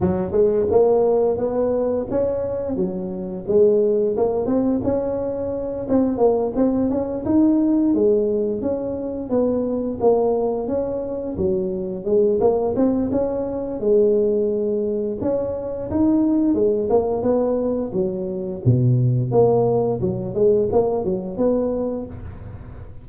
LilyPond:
\new Staff \with { instrumentName = "tuba" } { \time 4/4 \tempo 4 = 87 fis8 gis8 ais4 b4 cis'4 | fis4 gis4 ais8 c'8 cis'4~ | cis'8 c'8 ais8 c'8 cis'8 dis'4 gis8~ | gis8 cis'4 b4 ais4 cis'8~ |
cis'8 fis4 gis8 ais8 c'8 cis'4 | gis2 cis'4 dis'4 | gis8 ais8 b4 fis4 b,4 | ais4 fis8 gis8 ais8 fis8 b4 | }